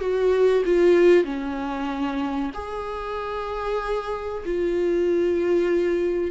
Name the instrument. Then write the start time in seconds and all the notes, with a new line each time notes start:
viola
0.00 F#4
0.65 F4
1.24 C#4
2.54 G#4
4.45 F4